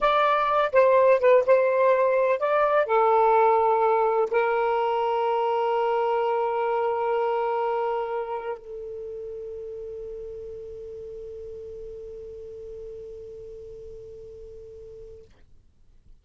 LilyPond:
\new Staff \with { instrumentName = "saxophone" } { \time 4/4 \tempo 4 = 126 d''4. c''4 b'8 c''4~ | c''4 d''4 a'2~ | a'4 ais'2.~ | ais'1~ |
ais'2 a'2~ | a'1~ | a'1~ | a'1 | }